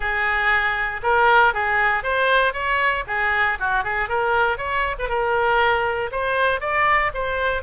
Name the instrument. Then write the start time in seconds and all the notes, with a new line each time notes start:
oboe
0.00 G#4
1.02 A#4
1.53 G#4
2.03 C5
2.53 C#5
3.07 G#4
3.59 F#4
3.84 G#4
4.08 A#4
4.57 C#5
4.98 B4
5.08 A#4
6.11 C5
6.60 D5
7.14 C5